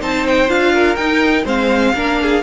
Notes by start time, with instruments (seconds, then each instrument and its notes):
0.00 cello C4, viola D#4, violin C5 A5
0.28 violin G5
0.48 cello D4, viola F4, violin F5
0.73 violin A#4
0.96 cello D#4, viola D#4, violin G5
1.45 cello G#3, viola C4, violin C5 F5
1.94 cello A#3, viola D4, violin A#4
2.22 violin G#4